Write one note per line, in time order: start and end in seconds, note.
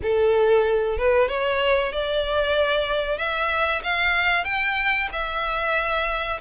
0.02 0.97 A4
0.97 1.28 B4
1.28 1.92 C#5
1.92 3.18 D5
3.18 3.82 E5
3.83 4.44 F5
4.44 5.08 G5
5.12 6.39 E5